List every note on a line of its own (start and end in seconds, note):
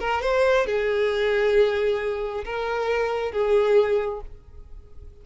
0.00 0.22 A#4
0.22 0.66 C5
0.67 2.44 G#4
2.45 3.32 A#4
3.32 4.21 G#4